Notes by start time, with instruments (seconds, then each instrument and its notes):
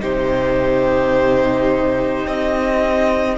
0.00 cello C3, viola D#4, violin G4 C5
2.26 cello C4, violin D#5